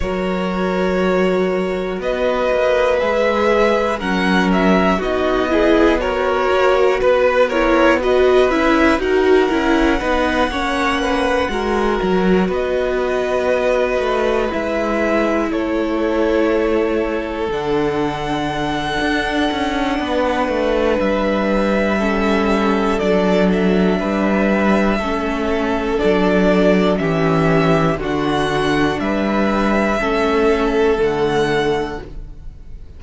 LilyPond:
<<
  \new Staff \with { instrumentName = "violin" } { \time 4/4 \tempo 4 = 60 cis''2 dis''4 e''4 | fis''8 e''8 dis''4 cis''4 b'8 cis''8 | dis''8 e''8 fis''2.~ | fis''8 dis''2 e''4 cis''8~ |
cis''4. fis''2~ fis''8~ | fis''4 e''2 d''8 e''8~ | e''2 d''4 e''4 | fis''4 e''2 fis''4 | }
  \new Staff \with { instrumentName = "violin" } { \time 4/4 ais'2 b'2 | ais'4 fis'8 gis'8 ais'4 b'8 ais'8 | b'4 ais'4 b'8 cis''8 b'8 ais'8~ | ais'8 b'2. a'8~ |
a'1 | b'2 a'2 | b'4 a'2 g'4 | fis'4 b'4 a'2 | }
  \new Staff \with { instrumentName = "viola" } { \time 4/4 fis'2. gis'4 | cis'4 dis'8 e'8 fis'4. e'8 | fis'8 e'8 fis'8 e'8 dis'8 cis'4 fis'8~ | fis'2~ fis'8 e'4.~ |
e'4. d'2~ d'8~ | d'2 cis'4 d'4~ | d'4 cis'4 d'4 cis'4 | d'2 cis'4 a4 | }
  \new Staff \with { instrumentName = "cello" } { \time 4/4 fis2 b8 ais8 gis4 | fis4 b4. ais8 b4~ | b8 cis'8 dis'8 cis'8 b8 ais4 gis8 | fis8 b4. a8 gis4 a8~ |
a4. d4. d'8 cis'8 | b8 a8 g2 fis4 | g4 a4 fis4 e4 | d4 g4 a4 d4 | }
>>